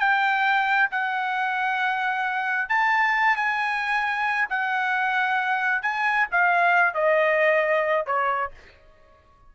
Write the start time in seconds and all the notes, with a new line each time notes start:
0.00 G5
0.91 F#5
2.69 A5
3.36 G#5
4.50 F#5
5.83 G#5
6.32 F5
6.95 D#5
8.07 C#5